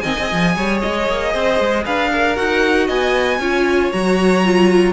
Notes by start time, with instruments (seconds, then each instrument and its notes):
0.00 cello D#3, viola C4, violin D#5 G#5
0.18 cello C4, viola G#4
0.32 cello F3
0.56 cello G3, violin C#5
0.81 cello G#3, violin D#5
1.08 cello A#3
1.32 cello C4, violin C5
1.60 cello G#3
1.84 cello D4, violin B4 F5
2.12 violin A#4
2.36 cello D#4, viola F#4, violin F#5
2.86 cello B3, violin D#5 G#5
3.39 cello C#4, viola F4, violin C#5
3.92 cello F#3, viola F#4, violin A#5
4.44 viola F4